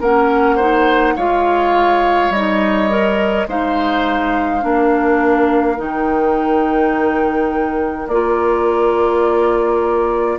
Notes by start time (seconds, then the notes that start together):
0.00 A#3 C#4 A#4 F#5
0.56 D#4 C5
1.16 G#3 F4 C#5 F5
2.30 G3 D#4 D#5
2.90 A#4
3.48 G#3 D#4 C5 F5
4.61 A#3 D4 A#4
5.77 D#3 D#4 G5
8.08 A#3 F4 D5